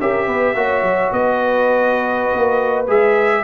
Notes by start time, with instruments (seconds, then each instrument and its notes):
0.00 tuba C#4, trombone G4, horn A#4, trumpet E5
0.26 tuba B3, horn B4
0.54 tuba A#3, trombone F#4, horn C#5
0.82 tuba F#3
1.12 tuba B3, horn B4, trumpet D#5
2.33 tuba A#3
2.87 tuba G#3, trombone G#4, trumpet E5